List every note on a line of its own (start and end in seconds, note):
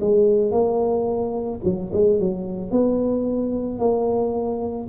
0.00 0.51 G#3
0.51 1.60 A#3
1.64 1.91 F#3
1.93 2.19 G#3
2.19 2.71 F#3
2.71 3.78 B3
3.78 4.87 A#3